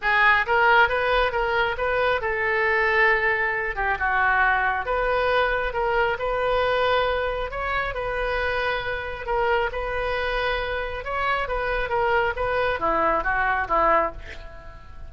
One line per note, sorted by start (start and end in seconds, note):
0.01 0.46 G#4
0.46 0.88 A#4
0.88 1.32 B4
1.32 1.76 A#4
1.77 2.21 B4
2.21 3.75 A4
3.75 3.97 G4
3.98 4.85 F#4
4.85 5.73 B4
5.73 6.17 A#4
6.19 7.51 B4
7.51 7.94 C#5
7.94 9.26 B4
9.26 9.70 A#4
9.72 11.04 B4
11.04 11.48 C#5
11.48 11.89 B4
11.89 12.33 A#4
12.36 12.79 B4
12.79 13.23 E4
13.23 13.67 F#4
13.68 14.12 E4